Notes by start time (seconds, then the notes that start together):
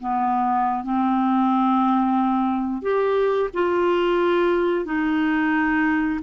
0.00 B3
0.84 C4
2.82 G4
3.54 F4
4.85 D#4